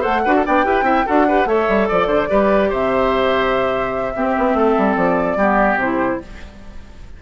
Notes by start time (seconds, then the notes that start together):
0.00 A3 A4 C5 F#5
0.25 D4 F#4 B4
0.36 A4
0.45 B3 D4 D5 G5
0.64 E4 G4 B4
0.82 C4 E4 E5
1.06 D4 F#4 A4 F#5
1.28 G4 B4
1.45 A3 A4 C#5 E5
1.69 G3
1.88 F3 D5
2.07 D3 C5
2.29 G3 G4 B4
2.69 C3 C5 E5
4.16 C4 G4
4.38 B3
4.54 A3 A4
4.78 G3
4.96 F3 D5
5.36 G3 B3 G4
5.75 C3 E4 C5